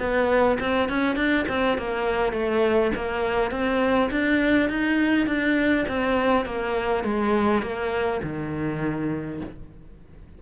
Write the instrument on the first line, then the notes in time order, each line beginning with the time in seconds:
cello
0.00 B3
0.60 C4
0.89 C#4
1.16 D4
1.49 C4
1.78 A#3
2.33 A3
2.96 A#3
3.52 C4
4.11 D4
4.70 D#4
5.27 D4
5.89 C4
6.46 A#3
7.04 G#3
7.63 A#3
8.23 D#3